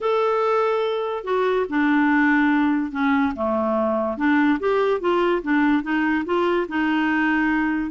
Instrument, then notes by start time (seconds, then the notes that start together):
clarinet
0.00 A4
1.24 F#4
1.69 D4
2.91 C#4
3.35 A3
4.17 D4
4.59 G4
5.00 F4
5.42 D4
5.82 D#4
6.25 F4
6.68 D#4